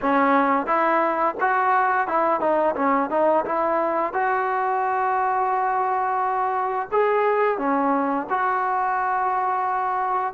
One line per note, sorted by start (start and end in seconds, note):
0.01 0.66 C#4
0.66 1.35 E4
1.40 2.07 F#4
2.07 2.40 E4
2.40 2.75 D#4
2.75 3.09 C#4
3.10 3.44 D#4
3.45 4.13 E4
4.13 6.88 F#4
6.91 7.58 G#4
7.58 8.27 C#4
8.29 10.33 F#4